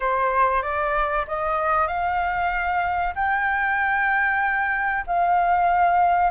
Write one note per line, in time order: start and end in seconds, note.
0.00 0.62 C5
0.62 1.25 D5
1.27 1.87 D#5
1.87 3.14 F5
3.15 5.04 G5
5.06 6.30 F5